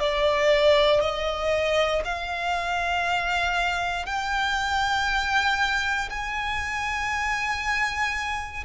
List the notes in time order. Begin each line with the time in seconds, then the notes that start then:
0.00 D5
1.01 D#5
2.05 F5
4.06 G5
6.10 G#5